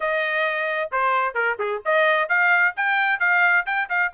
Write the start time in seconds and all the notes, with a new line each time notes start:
0.00 D#5
0.91 C5
1.34 A#4
1.59 G#4
1.85 D#5
2.28 F5
2.76 G5
3.19 F5
3.66 G5
3.89 F5